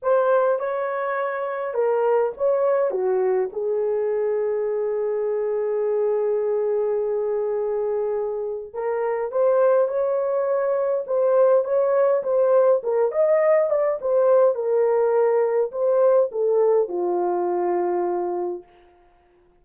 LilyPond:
\new Staff \with { instrumentName = "horn" } { \time 4/4 \tempo 4 = 103 c''4 cis''2 ais'4 | cis''4 fis'4 gis'2~ | gis'1~ | gis'2. ais'4 |
c''4 cis''2 c''4 | cis''4 c''4 ais'8 dis''4 d''8 | c''4 ais'2 c''4 | a'4 f'2. | }